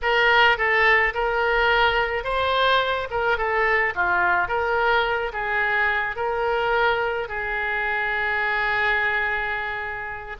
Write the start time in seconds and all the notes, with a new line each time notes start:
0.02 A#4
0.57 A4
1.13 A#4
2.24 C5
3.10 A#4
3.37 A4
3.95 F4
4.48 A#4
5.33 G#4
6.16 A#4
7.28 G#4